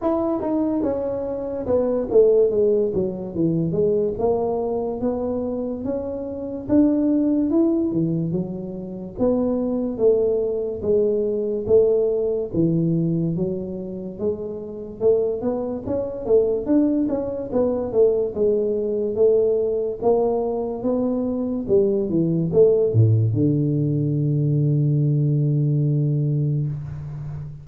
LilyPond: \new Staff \with { instrumentName = "tuba" } { \time 4/4 \tempo 4 = 72 e'8 dis'8 cis'4 b8 a8 gis8 fis8 | e8 gis8 ais4 b4 cis'4 | d'4 e'8 e8 fis4 b4 | a4 gis4 a4 e4 |
fis4 gis4 a8 b8 cis'8 a8 | d'8 cis'8 b8 a8 gis4 a4 | ais4 b4 g8 e8 a8 a,8 | d1 | }